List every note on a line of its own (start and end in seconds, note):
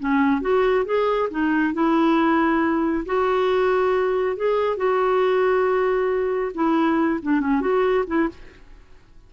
0.00 0.42 C#4
0.42 0.86 F#4
0.86 1.30 G#4
1.31 1.74 D#4
1.74 3.05 E4
3.06 4.37 F#4
4.37 4.77 G#4
4.77 6.53 F#4
6.55 7.21 E4
7.23 7.41 D4
7.41 7.61 C#4
7.61 8.05 F#4
8.07 8.29 E4